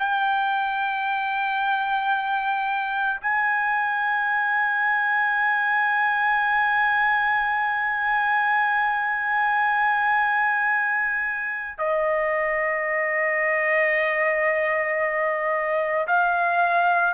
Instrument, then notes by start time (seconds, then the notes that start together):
trumpet
0.00 G5
3.21 G#5
11.79 D#5
16.08 F5